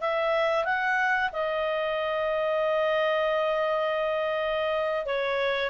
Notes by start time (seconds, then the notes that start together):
0.00 E5
0.65 F#5
1.32 D#5
5.05 C#5